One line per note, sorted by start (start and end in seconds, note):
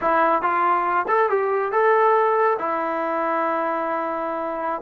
0.01 0.41 E4
0.41 1.06 F4
1.08 1.29 A4
1.29 1.72 G4
1.72 2.57 A4
2.58 4.81 E4